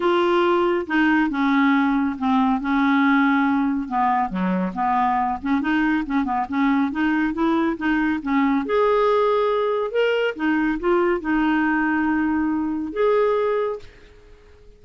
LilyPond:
\new Staff \with { instrumentName = "clarinet" } { \time 4/4 \tempo 4 = 139 f'2 dis'4 cis'4~ | cis'4 c'4 cis'2~ | cis'4 b4 fis4 b4~ | b8 cis'8 dis'4 cis'8 b8 cis'4 |
dis'4 e'4 dis'4 cis'4 | gis'2. ais'4 | dis'4 f'4 dis'2~ | dis'2 gis'2 | }